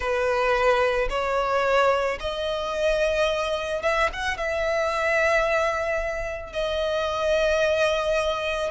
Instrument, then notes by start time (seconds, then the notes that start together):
violin
0.00 B4
1.09 C#5
2.20 D#5
3.82 E5
4.12 F#5
4.37 E5
6.53 D#5